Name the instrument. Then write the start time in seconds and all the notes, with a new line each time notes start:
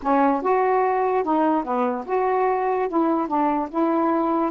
saxophone
0.02 C#4
0.42 F#4
1.23 D#4
1.63 B3
2.06 F#4
2.88 E4
3.27 D4
3.70 E4